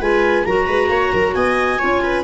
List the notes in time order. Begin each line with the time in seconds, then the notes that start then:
0.00 G#3 F4 B4 G#5
0.45 F#3 F#4 A#4 A#5
0.66 G#3 B4
0.89 A#3 C#5
1.13 F#3 A#4
1.33 B3 D#5 G#5
1.78 C#4 F4 C#5
2.03 B4